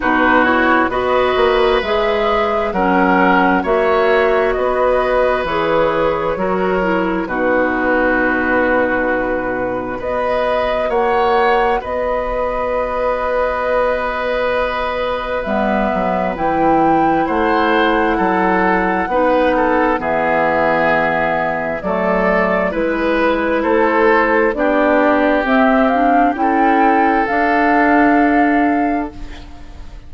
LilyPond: <<
  \new Staff \with { instrumentName = "flute" } { \time 4/4 \tempo 4 = 66 b'8 cis''8 dis''4 e''4 fis''4 | e''4 dis''4 cis''2 | b'2. dis''4 | fis''4 dis''2.~ |
dis''4 e''4 g''4 fis''4~ | fis''2 e''2 | d''4 b'4 c''4 d''4 | e''8 f''8 g''4 f''2 | }
  \new Staff \with { instrumentName = "oboe" } { \time 4/4 fis'4 b'2 ais'4 | cis''4 b'2 ais'4 | fis'2. b'4 | cis''4 b'2.~ |
b'2. c''4 | a'4 b'8 a'8 gis'2 | a'4 b'4 a'4 g'4~ | g'4 a'2. | }
  \new Staff \with { instrumentName = "clarinet" } { \time 4/4 dis'8 e'8 fis'4 gis'4 cis'4 | fis'2 gis'4 fis'8 e'8 | dis'2. fis'4~ | fis'1~ |
fis'4 b4 e'2~ | e'4 dis'4 b2 | a4 e'2 d'4 | c'8 d'8 e'4 d'2 | }
  \new Staff \with { instrumentName = "bassoon" } { \time 4/4 b,4 b8 ais8 gis4 fis4 | ais4 b4 e4 fis4 | b,2. b4 | ais4 b2.~ |
b4 g8 fis8 e4 a4 | fis4 b4 e2 | fis4 gis4 a4 b4 | c'4 cis'4 d'2 | }
>>